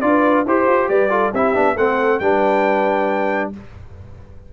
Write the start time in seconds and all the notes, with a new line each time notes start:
0.00 D4 F4 B4 D5
0.45 E4 G4 C5
0.67 F4
0.89 G3 B4 D5
1.09 F4 A4
1.31 C4 E4 G4 E5
1.54 B3 D4
1.75 A3 C4 A4 F#5
2.19 G3 D4 B4 G5